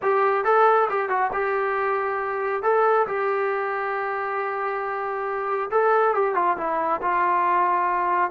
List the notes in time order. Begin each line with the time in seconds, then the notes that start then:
0.01 G4
0.44 A4
0.89 G4
1.09 F#4
1.32 G4
2.62 A4
3.07 G4
5.71 A4
6.14 G4
6.35 F4
6.57 E4
7.01 F4